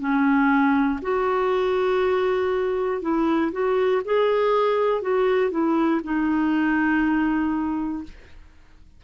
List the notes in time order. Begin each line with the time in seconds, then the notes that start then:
0.00 C#4
1.03 F#4
3.02 E4
3.52 F#4
4.05 G#4
5.02 F#4
5.51 E4
6.04 D#4